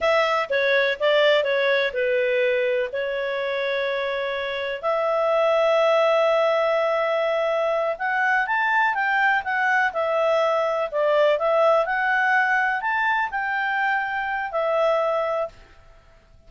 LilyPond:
\new Staff \with { instrumentName = "clarinet" } { \time 4/4 \tempo 4 = 124 e''4 cis''4 d''4 cis''4 | b'2 cis''2~ | cis''2 e''2~ | e''1~ |
e''8 fis''4 a''4 g''4 fis''8~ | fis''8 e''2 d''4 e''8~ | e''8 fis''2 a''4 g''8~ | g''2 e''2 | }